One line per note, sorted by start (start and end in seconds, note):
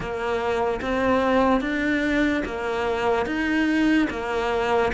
0.00 0.80 A#3
0.81 1.60 C4
1.60 2.42 D4
2.45 3.25 A#3
3.25 4.08 D#4
4.09 4.92 A#3